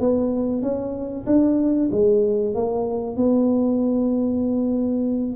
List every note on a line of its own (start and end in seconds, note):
0.00 0.62 B3
0.62 1.25 C#4
1.26 1.89 D4
1.91 2.55 G#3
2.55 3.17 A#3
3.17 5.36 B3